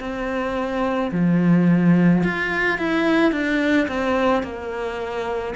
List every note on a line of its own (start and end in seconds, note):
0.00 1.11 C4
1.12 2.23 F3
2.24 2.78 F4
2.78 3.32 E4
3.32 3.87 D4
3.88 4.43 C4
4.43 5.54 A#3